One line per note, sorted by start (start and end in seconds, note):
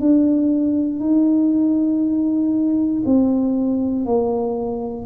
0.00 0.99 D4
0.99 3.03 D#4
3.05 4.05 C4
4.05 5.06 A#3